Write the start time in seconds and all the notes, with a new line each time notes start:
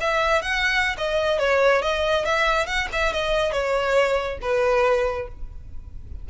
0.00 E5
0.42 F#5
0.97 D#5
1.39 C#5
1.82 D#5
2.25 E5
2.66 F#5
2.92 E5
3.13 D#5
3.52 C#5
4.41 B4